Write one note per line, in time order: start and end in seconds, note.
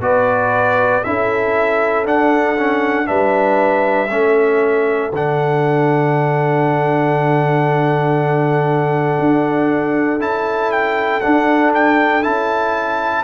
0.00 1.02 B3
0.00 1.03 F#4
0.00 1.05 B4
0.00 1.04 D5
1.04 2.06 C#4
1.04 2.06 E4
1.04 3.08 A4
1.04 2.06 E5
2.06 2.57 D4
2.06 3.08 D4
2.06 3.07 F#5
2.58 3.06 C#4
3.06 4.10 G3
3.06 4.08 D4
3.06 4.10 B4
3.06 5.11 E5
4.10 5.12 A3
4.10 5.12 C#4
4.10 13.24 A4
5.12 9.18 D3
5.12 10.20 D4
5.12 10.22 F#5
9.19 10.19 D4
10.19 11.21 C#4
10.19 11.22 E4
10.19 10.72 A5
10.72 11.21 G5
11.21 12.22 D4
11.21 12.26 D4
11.21 11.72 F#5
11.75 12.23 G5
12.22 13.24 C#4
12.22 13.24 E4
12.22 13.24 A5